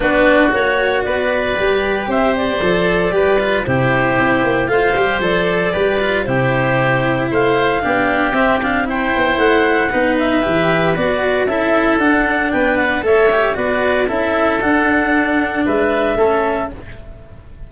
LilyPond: <<
  \new Staff \with { instrumentName = "clarinet" } { \time 4/4 \tempo 4 = 115 b'4 cis''4 d''2 | e''8 d''2~ d''8 c''4~ | c''4 f''4 d''2 | c''2 f''2 |
e''8 f''8 g''4 fis''4. e''8~ | e''4 d''4 e''4 fis''4 | g''8 fis''8 e''4 d''4 e''4 | fis''2 e''2 | }
  \new Staff \with { instrumentName = "oboe" } { \time 4/4 fis'2 b'2 | c''2 b'4 g'4~ | g'4 c''2 b'4 | g'2 c''4 g'4~ |
g'4 c''2 b'4~ | b'2 a'2 | b'4 cis''4 b'4 a'4~ | a'2 b'4 a'4 | }
  \new Staff \with { instrumentName = "cello" } { \time 4/4 d'4 fis'2 g'4~ | g'4 a'4 g'8 f'8 e'4~ | e'4 f'8 g'8 a'4 g'8 f'8 | e'2. d'4 |
c'8 d'8 e'2 dis'4 | g'4 fis'4 e'4 d'4~ | d'4 a'8 g'8 fis'4 e'4 | d'2. cis'4 | }
  \new Staff \with { instrumentName = "tuba" } { \time 4/4 b4 ais4 b4 g4 | c'4 f4 g4 c4 | c'8 ais8 a8 g8 f4 g4 | c2 a4 b4 |
c'4. b8 a4 b4 | e4 b4 cis'4 d'4 | b4 a4 b4 cis'4 | d'2 gis4 a4 | }
>>